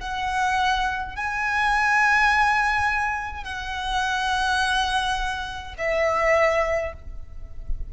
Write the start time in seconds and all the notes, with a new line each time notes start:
0.00 F#5
1.15 G#5
3.43 F#5
5.77 E5